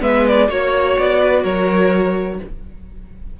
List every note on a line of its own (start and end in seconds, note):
0.00 0.49 G#3
0.00 0.48 B3
0.00 0.49 B4
0.00 0.26 E5
0.27 0.50 D5
0.48 0.97 A#3
0.48 2.40 F#4
0.48 1.20 C#5
0.48 0.98 C#5
0.98 1.44 B3
0.98 1.44 D5
1.20 1.43 B4
1.43 2.40 F#3
1.43 2.39 A#4
1.43 2.40 C#5